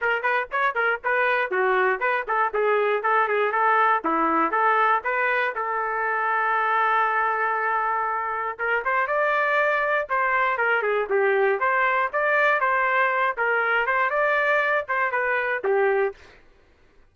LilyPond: \new Staff \with { instrumentName = "trumpet" } { \time 4/4 \tempo 4 = 119 ais'8 b'8 cis''8 ais'8 b'4 fis'4 | b'8 a'8 gis'4 a'8 gis'8 a'4 | e'4 a'4 b'4 a'4~ | a'1~ |
a'4 ais'8 c''8 d''2 | c''4 ais'8 gis'8 g'4 c''4 | d''4 c''4. ais'4 c''8 | d''4. c''8 b'4 g'4 | }